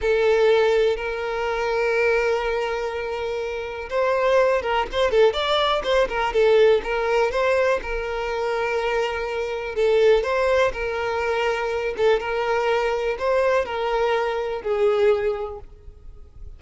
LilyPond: \new Staff \with { instrumentName = "violin" } { \time 4/4 \tempo 4 = 123 a'2 ais'2~ | ais'1 | c''4. ais'8 c''8 a'8 d''4 | c''8 ais'8 a'4 ais'4 c''4 |
ais'1 | a'4 c''4 ais'2~ | ais'8 a'8 ais'2 c''4 | ais'2 gis'2 | }